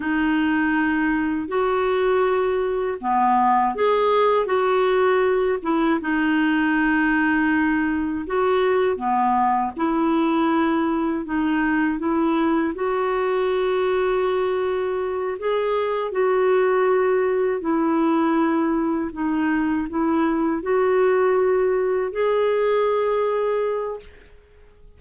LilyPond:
\new Staff \with { instrumentName = "clarinet" } { \time 4/4 \tempo 4 = 80 dis'2 fis'2 | b4 gis'4 fis'4. e'8 | dis'2. fis'4 | b4 e'2 dis'4 |
e'4 fis'2.~ | fis'8 gis'4 fis'2 e'8~ | e'4. dis'4 e'4 fis'8~ | fis'4. gis'2~ gis'8 | }